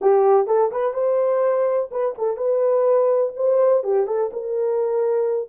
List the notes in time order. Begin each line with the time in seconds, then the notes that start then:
0.01 G4
0.46 A4
0.71 B4
0.93 C5
1.91 B4
2.18 A4
2.37 B4
3.36 C5
3.83 G4
4.06 A4
4.32 A#4